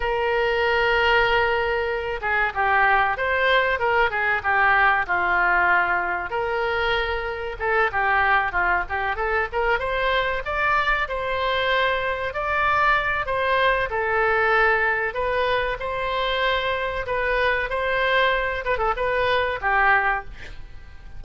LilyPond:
\new Staff \with { instrumentName = "oboe" } { \time 4/4 \tempo 4 = 95 ais'2.~ ais'8 gis'8 | g'4 c''4 ais'8 gis'8 g'4 | f'2 ais'2 | a'8 g'4 f'8 g'8 a'8 ais'8 c''8~ |
c''8 d''4 c''2 d''8~ | d''4 c''4 a'2 | b'4 c''2 b'4 | c''4. b'16 a'16 b'4 g'4 | }